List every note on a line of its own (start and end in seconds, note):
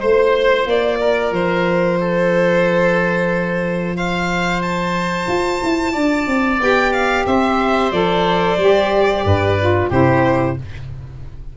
0.00 0.66 A3
0.00 6.61 F4
0.00 0.99 C5
0.00 0.68 C5
0.66 1.32 A#3
0.66 1.34 D5
1.00 1.99 A#4
1.32 5.27 F3
1.32 3.97 C5
2.01 3.96 A4
3.96 5.92 C5
3.96 4.62 F5
4.62 6.60 A5
5.28 5.61 F4
5.63 5.96 E4
5.92 6.27 D4
5.92 7.24 D5
6.27 6.60 C4
6.60 7.26 B3
6.60 7.92 G4
6.60 6.93 G5
6.93 7.26 F5
7.26 7.92 C4
7.26 9.25 C5
7.26 7.92 E5
7.92 8.58 F3
7.92 8.58 A4
7.92 9.90 D5
8.58 9.24 G3
8.58 9.58 G4
9.25 9.91 G2
9.25 9.90 B4
9.60 9.92 F4
9.90 10.57 C3
9.90 10.58 E4
9.90 10.56 G4
9.90 10.58 C5